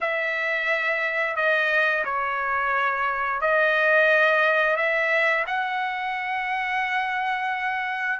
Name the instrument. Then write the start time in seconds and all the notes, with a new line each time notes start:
trumpet
0.00 E5
1.36 D#5
2.05 C#5
3.41 D#5
4.76 E5
5.46 F#5